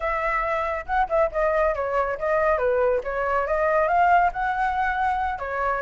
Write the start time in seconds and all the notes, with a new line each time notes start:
0.00 E5
0.86 F#5
1.09 E5
1.31 D#5
1.74 C#5
2.18 D#5
2.58 B4
3.03 C#5
3.46 D#5
3.88 F5
4.32 F#5
5.38 C#5